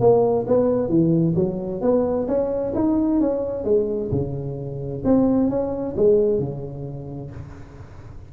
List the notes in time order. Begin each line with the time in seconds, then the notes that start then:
0.00 A#3
0.47 B3
0.89 E3
1.36 F#3
1.81 B3
2.28 C#4
2.75 D#4
3.20 C#4
3.65 G#3
4.12 C#3
5.04 C4
5.50 C#4
5.97 G#3
6.39 C#3